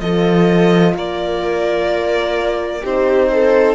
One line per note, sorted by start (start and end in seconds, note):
0.00 0.94 F3
0.00 2.83 F4
0.00 0.95 A4
0.00 0.94 D#5
0.95 2.82 A#3
0.95 2.81 A#4
0.95 2.85 D5
2.81 3.75 C4
2.81 3.75 D#4
2.81 3.28 G4
2.81 3.75 C5
3.31 3.75 A4